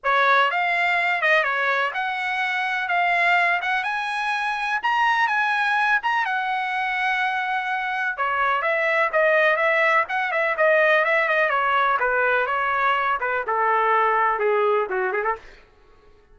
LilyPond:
\new Staff \with { instrumentName = "trumpet" } { \time 4/4 \tempo 4 = 125 cis''4 f''4. dis''8 cis''4 | fis''2 f''4. fis''8 | gis''2 ais''4 gis''4~ | gis''8 ais''8 fis''2.~ |
fis''4 cis''4 e''4 dis''4 | e''4 fis''8 e''8 dis''4 e''8 dis''8 | cis''4 b'4 cis''4. b'8 | a'2 gis'4 fis'8 gis'16 a'16 | }